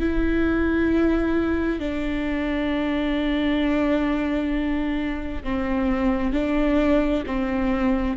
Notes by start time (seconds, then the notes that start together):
0.00 E4
1.80 D4
5.43 C4
6.33 D4
7.26 C4